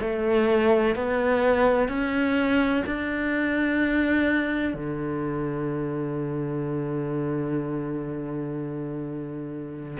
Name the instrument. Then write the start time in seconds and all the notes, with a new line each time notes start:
cello
0.00 A3
0.95 B3
1.88 C#4
2.86 D4
4.74 D3